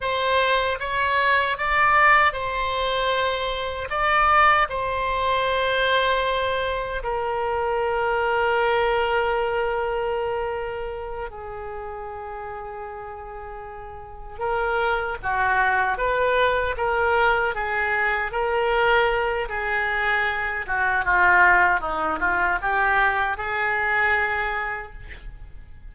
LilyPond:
\new Staff \with { instrumentName = "oboe" } { \time 4/4 \tempo 4 = 77 c''4 cis''4 d''4 c''4~ | c''4 d''4 c''2~ | c''4 ais'2.~ | ais'2~ ais'8 gis'4.~ |
gis'2~ gis'8 ais'4 fis'8~ | fis'8 b'4 ais'4 gis'4 ais'8~ | ais'4 gis'4. fis'8 f'4 | dis'8 f'8 g'4 gis'2 | }